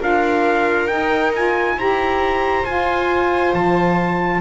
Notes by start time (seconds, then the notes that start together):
0.00 D4 F4 A#4 F5
0.88 D#4 G5
1.35 F4 G#5
1.76 E4 G4 C5 A#5
2.65 F4 G#5
3.54 F3 A5